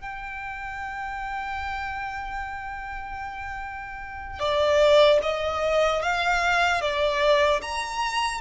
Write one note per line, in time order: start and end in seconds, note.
0.00 4.39 G5
4.39 5.19 D5
5.22 6.02 D#5
6.02 6.81 F5
6.81 7.61 D5
7.61 8.41 A#5